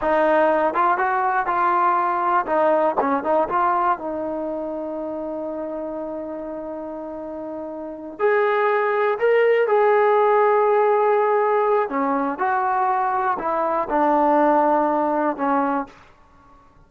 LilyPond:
\new Staff \with { instrumentName = "trombone" } { \time 4/4 \tempo 4 = 121 dis'4. f'8 fis'4 f'4~ | f'4 dis'4 cis'8 dis'8 f'4 | dis'1~ | dis'1~ |
dis'8 gis'2 ais'4 gis'8~ | gis'1 | cis'4 fis'2 e'4 | d'2. cis'4 | }